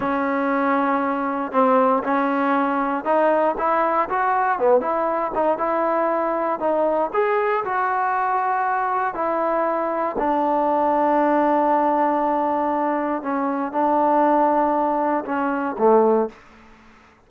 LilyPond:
\new Staff \with { instrumentName = "trombone" } { \time 4/4 \tempo 4 = 118 cis'2. c'4 | cis'2 dis'4 e'4 | fis'4 b8 e'4 dis'8 e'4~ | e'4 dis'4 gis'4 fis'4~ |
fis'2 e'2 | d'1~ | d'2 cis'4 d'4~ | d'2 cis'4 a4 | }